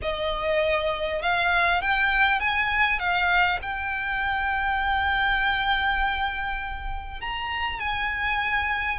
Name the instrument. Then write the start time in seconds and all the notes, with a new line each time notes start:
violin
0.02 D#5
1.22 F5
1.81 G5
2.39 G#5
2.99 F5
3.62 G5
7.20 A#5
7.79 G#5